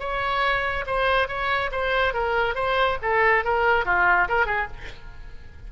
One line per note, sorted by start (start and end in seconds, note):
0.00 0.85 C#5
0.87 1.28 C5
1.28 1.71 C#5
1.72 2.14 C5
2.14 2.56 A#4
2.56 2.98 C5
3.03 3.45 A4
3.45 3.86 A#4
3.86 4.28 F4
4.29 4.46 A#4
4.46 4.68 G#4